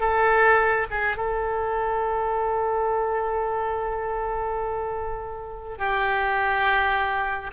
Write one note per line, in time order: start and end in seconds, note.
0.00 0.87 A4
0.90 1.17 G#4
1.17 5.78 A4
5.78 7.51 G4